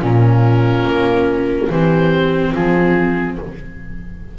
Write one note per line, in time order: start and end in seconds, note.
0.00 0.85 A#2
0.00 1.67 C#4
0.00 1.67 F4
0.00 1.70 A#4
0.85 1.68 A#3
1.69 2.53 E3
1.69 3.37 C4
1.69 2.51 G4
1.69 2.54 C5
2.51 3.38 F3
2.51 3.35 F4
2.51 3.37 G#4